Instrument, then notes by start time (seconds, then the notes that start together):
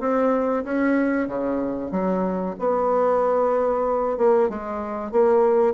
bassoon
0.00 C4
0.64 C#4
1.27 C#3
1.91 F#3
2.59 B3
4.18 A#3
4.49 G#3
5.12 A#3